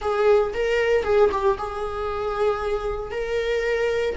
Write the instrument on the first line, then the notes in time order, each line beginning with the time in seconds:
viola
0.01 G#4
0.53 A#4
1.03 G#4
1.31 G4
1.58 G#4
3.11 A#4